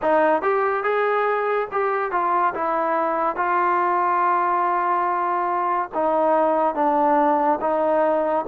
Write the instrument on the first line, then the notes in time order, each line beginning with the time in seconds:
trombone
0.02 D#4
0.41 G4
0.83 G#4
1.71 G4
2.11 F4
2.54 E4
3.36 F4
5.94 D#4
6.75 D4
7.60 D#4